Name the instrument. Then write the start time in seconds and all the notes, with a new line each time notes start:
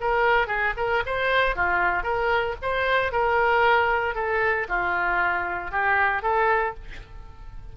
oboe
0.00 A#4
0.47 G#4
0.77 A#4
1.06 C5
1.55 F4
2.03 A#4
2.62 C5
3.12 A#4
4.15 A4
4.68 F4
5.71 G4
6.22 A4